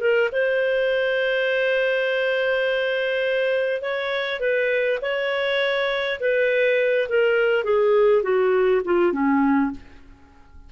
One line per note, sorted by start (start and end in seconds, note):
0.00 0.29 A#4
0.32 3.82 C5
3.82 4.40 C#5
4.40 4.98 B4
5.01 6.19 C#5
6.20 7.08 B4
7.09 7.64 A#4
7.64 8.23 G#4
8.23 8.82 F#4
8.84 9.12 F4
9.12 9.71 C#4